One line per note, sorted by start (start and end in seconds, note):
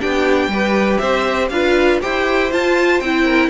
0.00 0.47 B3
0.00 0.50 D4
0.00 0.50 G4
0.00 0.98 G5
0.47 0.97 G3
0.47 1.52 G4
0.47 1.00 B4
0.98 1.50 C4
0.98 1.50 C5
0.98 1.48 E5
1.49 2.00 D4
1.49 2.01 F4
1.49 2.01 B4
1.49 1.99 F5
2.01 2.52 E4
2.01 2.51 G4
2.01 3.24 C5
2.01 2.52 G5
2.52 3.02 F4
2.52 3.01 F4
2.52 3.00 A5
3.00 3.49 C4
3.00 3.49 E4
3.00 3.49 G5
3.24 3.49 A#4